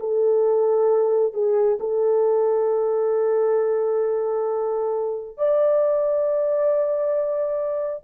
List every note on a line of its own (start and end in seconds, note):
0.00 1.34 A4
1.34 1.78 G#4
1.80 5.38 A4
5.38 8.04 D5